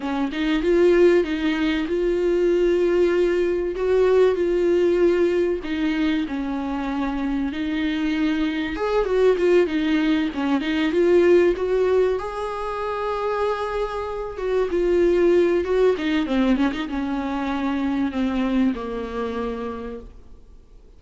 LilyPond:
\new Staff \with { instrumentName = "viola" } { \time 4/4 \tempo 4 = 96 cis'8 dis'8 f'4 dis'4 f'4~ | f'2 fis'4 f'4~ | f'4 dis'4 cis'2 | dis'2 gis'8 fis'8 f'8 dis'8~ |
dis'8 cis'8 dis'8 f'4 fis'4 gis'8~ | gis'2. fis'8 f'8~ | f'4 fis'8 dis'8 c'8 cis'16 dis'16 cis'4~ | cis'4 c'4 ais2 | }